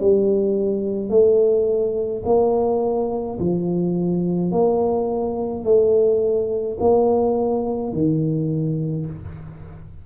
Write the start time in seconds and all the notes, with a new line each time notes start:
0.00 G3
1.10 A3
2.25 A#3
3.40 F3
4.52 A#3
5.64 A3
6.80 A#3
7.93 D#3